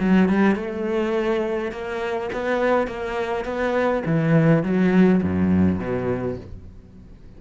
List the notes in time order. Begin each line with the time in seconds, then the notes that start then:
0.00 F#3
0.29 G3
0.56 A3
1.72 A#3
2.33 B3
2.87 A#3
3.45 B3
4.06 E3
4.63 F#3
5.23 F#2
5.79 B2